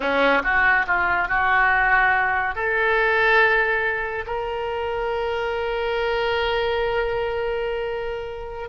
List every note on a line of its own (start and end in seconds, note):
0.00 0.42 C#4
0.43 0.86 F#4
0.86 1.28 F4
1.28 2.55 F#4
2.55 4.25 A4
4.26 8.69 A#4